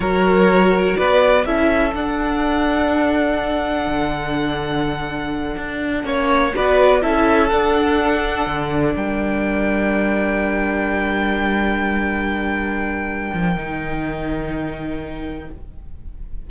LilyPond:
<<
  \new Staff \with { instrumentName = "violin" } { \time 4/4 \tempo 4 = 124 cis''2 d''4 e''4 | fis''1~ | fis''1~ | fis''4. d''4 e''4 fis''8~ |
fis''2~ fis''8 g''4.~ | g''1~ | g''1~ | g''1 | }
  \new Staff \with { instrumentName = "violin" } { \time 4/4 ais'2 b'4 a'4~ | a'1~ | a'1~ | a'8 cis''4 b'4 a'4.~ |
a'2~ a'8 ais'4.~ | ais'1~ | ais'1~ | ais'1 | }
  \new Staff \with { instrumentName = "viola" } { \time 4/4 fis'2. e'4 | d'1~ | d'1~ | d'8 cis'4 fis'4 e'4 d'8~ |
d'1~ | d'1~ | d'1 | dis'1 | }
  \new Staff \with { instrumentName = "cello" } { \time 4/4 fis2 b4 cis'4 | d'1 | d2.~ d8 d'8~ | d'8 ais4 b4 cis'4 d'8~ |
d'4. d4 g4.~ | g1~ | g2.~ g8 f8 | dis1 | }
>>